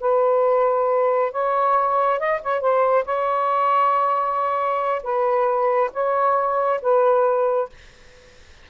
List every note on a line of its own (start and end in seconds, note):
0.00 1.31 B4
1.31 2.19 C#5
2.19 2.41 D#5
2.42 2.60 C#5
2.60 3.04 C5
3.05 5.02 C#5
5.03 5.90 B4
5.93 6.80 C#5
6.81 7.69 B4